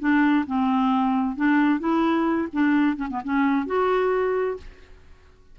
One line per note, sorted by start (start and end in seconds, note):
0.00 0.45 D4
0.47 1.36 C4
1.36 1.80 D4
1.80 2.48 E4
2.53 2.96 D4
2.96 3.08 C#4
3.10 3.21 B3
3.24 3.67 C#4
3.67 4.57 F#4